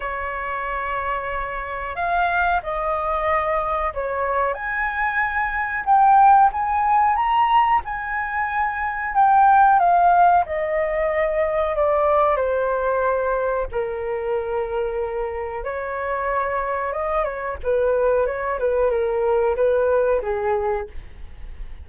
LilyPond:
\new Staff \with { instrumentName = "flute" } { \time 4/4 \tempo 4 = 92 cis''2. f''4 | dis''2 cis''4 gis''4~ | gis''4 g''4 gis''4 ais''4 | gis''2 g''4 f''4 |
dis''2 d''4 c''4~ | c''4 ais'2. | cis''2 dis''8 cis''8 b'4 | cis''8 b'8 ais'4 b'4 gis'4 | }